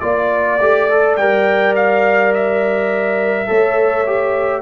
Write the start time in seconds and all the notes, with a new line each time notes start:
0.00 A#3 F4 D5
0.60 A3 G4
0.90 A4
1.16 G3 A#4 G5
1.76 F5
2.34 E5
3.47 A3 A4 C#5
4.06 G4